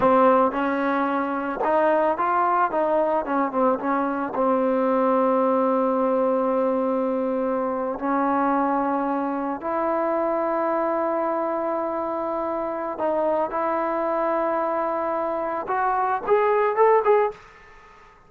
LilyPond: \new Staff \with { instrumentName = "trombone" } { \time 4/4 \tempo 4 = 111 c'4 cis'2 dis'4 | f'4 dis'4 cis'8 c'8 cis'4 | c'1~ | c'2~ c'8. cis'4~ cis'16~ |
cis'4.~ cis'16 e'2~ e'16~ | e'1 | dis'4 e'2.~ | e'4 fis'4 gis'4 a'8 gis'8 | }